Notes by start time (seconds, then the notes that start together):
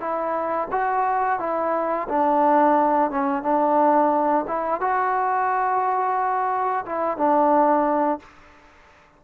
0.00 E4
0.71 F#4
1.39 E4
2.09 D4
3.11 C#4
3.43 D4
4.48 E4
4.81 F#4
6.86 E4
7.17 D4